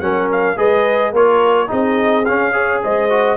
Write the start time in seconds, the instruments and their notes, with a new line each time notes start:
0.00 tuba F#3, trombone C#4, horn A#4, trumpet F#5
0.31 trumpet F5
0.56 tuba G#3, trombone G#4, horn B4, trumpet D#5
1.12 tuba A#3, trombone F4, horn A#4, trumpet C#5
1.67 tuba C4, trombone D#4, horn G#4, trumpet D#5
2.25 trombone C#4, tuba C#4, trumpet F5
2.52 trombone G#4, horn C#5
2.83 tuba G#3, horn C5, trumpet D#5
3.09 trombone F#4